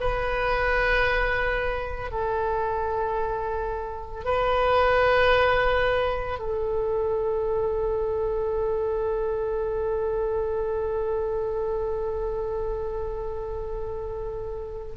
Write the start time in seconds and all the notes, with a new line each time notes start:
0.00 B4
2.11 A4
4.25 B4
6.39 A4